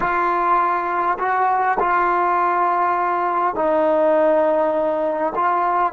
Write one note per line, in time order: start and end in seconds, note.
0.00 1.17 F4
1.18 1.78 F#4
1.79 3.55 F4
3.55 5.33 D#4
5.35 5.92 F4